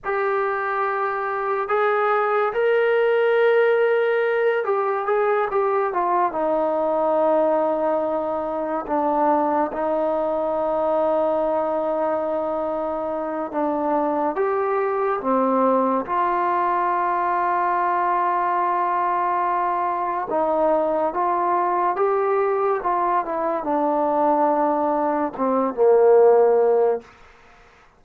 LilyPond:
\new Staff \with { instrumentName = "trombone" } { \time 4/4 \tempo 4 = 71 g'2 gis'4 ais'4~ | ais'4. g'8 gis'8 g'8 f'8 dis'8~ | dis'2~ dis'8 d'4 dis'8~ | dis'1 |
d'4 g'4 c'4 f'4~ | f'1 | dis'4 f'4 g'4 f'8 e'8 | d'2 c'8 ais4. | }